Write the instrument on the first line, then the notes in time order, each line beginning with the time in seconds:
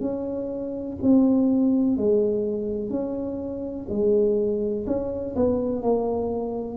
tuba
0.00 C#4
1.02 C4
1.97 G#3
2.90 C#4
3.89 G#3
4.87 C#4
5.36 B3
5.82 A#3